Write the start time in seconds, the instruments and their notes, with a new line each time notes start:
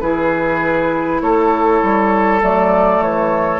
0.00 bassoon E3, clarinet E4, oboe G#4, flute B4
1.21 bassoon A3, oboe A4, flute C#5
1.82 bassoon G3
2.40 bassoon F#3, clarinet A3, flute D5
3.00 bassoon E3, flute C#5